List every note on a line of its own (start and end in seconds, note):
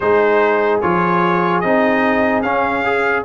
0.00 0.81 G#3
0.00 0.82 D#4
0.00 3.24 G#4
0.00 0.80 C5
0.81 1.63 F3
0.81 1.63 F4
0.81 1.60 C#5
1.60 2.42 C4
1.60 2.44 D#4
1.60 2.41 D#5
2.42 3.23 C#4
2.42 2.84 C#4
2.42 3.23 F5
2.84 3.24 G#4